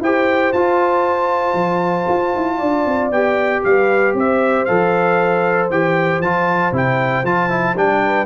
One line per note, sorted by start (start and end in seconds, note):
0.00 0.52 E4
0.00 0.55 G4
0.00 2.57 C5
0.00 0.52 G5
0.52 1.54 F4
0.52 3.12 F4
0.52 3.11 A5
1.54 2.05 F3
2.08 2.34 F4
2.35 2.61 E4
2.57 2.85 D4
2.57 3.60 D5
2.85 3.10 C4
3.10 3.62 B3
3.10 4.67 G4
3.10 3.63 G5
3.64 4.13 G3
3.64 4.17 B4
3.64 4.15 F5
4.13 4.65 C4
4.13 8.04 C5
4.13 4.65 E5
4.65 5.69 F3
4.65 5.71 A4
4.65 5.68 F5
5.69 6.18 E3
5.69 6.22 G4
5.69 6.21 G5
6.18 6.70 F3
6.18 6.72 F4
6.18 6.73 A5
6.71 7.23 C3
6.71 7.24 E4
6.71 7.25 G5
7.23 7.75 F3
7.23 7.49 F4
7.23 7.77 A5
7.49 7.75 E4
7.75 8.26 G3
7.75 8.26 D4
7.75 8.26 G5
8.04 8.26 B4